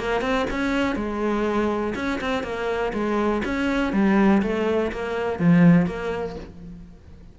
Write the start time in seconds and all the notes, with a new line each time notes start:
0.00 A#3
0.22 C4
0.51 C#4
0.96 G#3
1.96 C#4
2.21 C4
2.44 A#3
2.94 G#3
3.45 C#4
3.93 G3
4.43 A3
4.92 A#3
5.40 F3
5.87 A#3